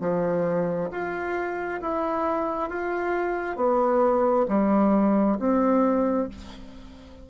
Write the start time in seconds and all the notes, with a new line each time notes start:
0.00 F3
0.91 F4
1.81 E4
2.69 F4
3.56 B3
4.48 G3
5.39 C4